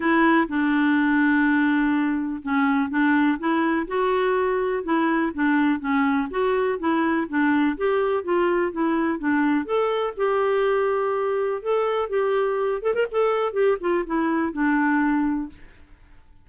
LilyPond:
\new Staff \with { instrumentName = "clarinet" } { \time 4/4 \tempo 4 = 124 e'4 d'2.~ | d'4 cis'4 d'4 e'4 | fis'2 e'4 d'4 | cis'4 fis'4 e'4 d'4 |
g'4 f'4 e'4 d'4 | a'4 g'2. | a'4 g'4. a'16 ais'16 a'4 | g'8 f'8 e'4 d'2 | }